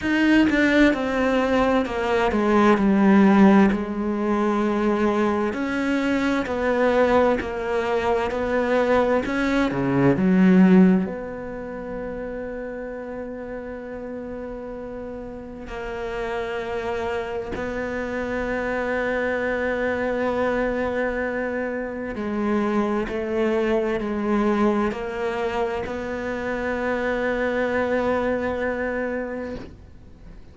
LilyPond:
\new Staff \with { instrumentName = "cello" } { \time 4/4 \tempo 4 = 65 dis'8 d'8 c'4 ais8 gis8 g4 | gis2 cis'4 b4 | ais4 b4 cis'8 cis8 fis4 | b1~ |
b4 ais2 b4~ | b1 | gis4 a4 gis4 ais4 | b1 | }